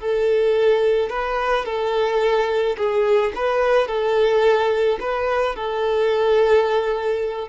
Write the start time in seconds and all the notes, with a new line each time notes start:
0.00 A4
1.10 B4
1.66 A4
2.78 G#4
3.36 B4
3.88 A4
5.00 B4
5.56 A4